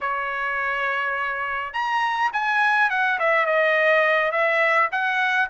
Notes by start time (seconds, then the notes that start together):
0.01 C#5
1.73 A#5
2.32 G#5
2.90 F#5
3.19 E5
3.46 D#5
4.31 E5
4.91 F#5